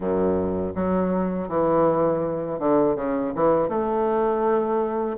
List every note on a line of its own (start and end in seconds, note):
0.00 0.74 F#2
0.75 1.48 F#3
1.48 2.59 E3
2.59 2.95 D3
2.95 3.32 C#3
3.35 3.68 E3
3.68 5.16 A3